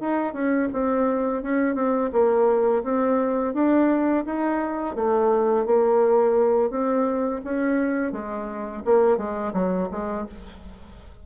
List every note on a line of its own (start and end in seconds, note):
0.00 0.33 D#4
0.33 0.68 C#4
0.72 1.42 C4
1.42 1.75 C#4
1.75 2.10 C4
2.12 2.83 A#3
2.83 3.54 C4
3.54 4.24 D4
4.25 4.95 D#4
4.95 5.66 A3
5.66 6.70 A#3
6.70 7.41 C4
7.44 8.12 C#4
8.12 8.82 G#3
8.85 9.17 A#3
9.17 9.52 G#3
9.53 9.89 F#3
9.90 10.26 G#3